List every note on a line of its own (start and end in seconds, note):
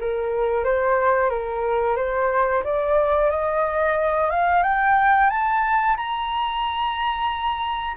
0.00 0.64 A#4
0.64 1.30 C5
1.30 1.96 A#4
1.96 2.63 C5
2.64 3.30 D5
3.30 4.30 D#5
4.30 4.63 F5
4.63 5.29 G5
5.29 5.96 A5
5.97 7.97 A#5